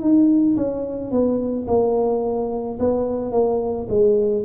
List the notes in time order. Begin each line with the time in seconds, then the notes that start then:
0.00 D#4
0.56 C#4
1.11 B3
1.67 A#3
2.79 B3
3.31 A#3
3.89 G#3